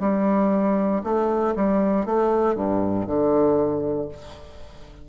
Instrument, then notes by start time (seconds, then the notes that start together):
bassoon
0.00 G3
1.04 A3
1.55 G3
2.06 A3
2.55 G2
3.06 D3